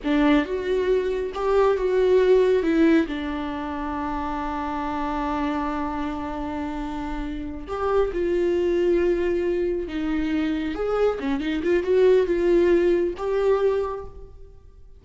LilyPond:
\new Staff \with { instrumentName = "viola" } { \time 4/4 \tempo 4 = 137 d'4 fis'2 g'4 | fis'2 e'4 d'4~ | d'1~ | d'1~ |
d'4. g'4 f'4.~ | f'2~ f'8 dis'4.~ | dis'8 gis'4 cis'8 dis'8 f'8 fis'4 | f'2 g'2 | }